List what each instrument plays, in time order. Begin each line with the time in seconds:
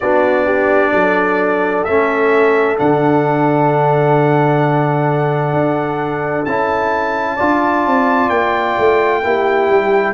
0.00 tuba B3, trombone D4, horn F#4, trumpet D5
0.45 horn G4
0.91 tuba F#3, horn A4
1.84 tuba A3, trombone C#4, trumpet E5
2.77 tuba D3, trombone D4, trumpet F#5
5.52 tuba D4
6.45 tuba C#4, trombone E4, trumpet A5
7.35 tuba D4, trombone F4, horn D5
7.86 tuba C4
8.29 tuba A#3, trumpet G5
8.78 tuba A3
9.23 tuba A#3, trombone E4, horn G4
9.69 tuba G3